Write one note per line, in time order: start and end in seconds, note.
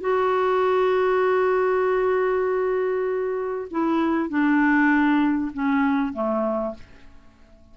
0.00 3.67 F#4
3.70 4.29 E4
4.29 5.51 D4
5.53 6.13 C#4
6.13 6.74 A3